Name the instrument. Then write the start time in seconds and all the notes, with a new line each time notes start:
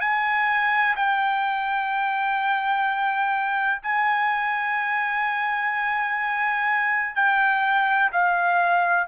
trumpet
0.00 G#5
0.96 G5
3.82 G#5
7.15 G5
8.12 F5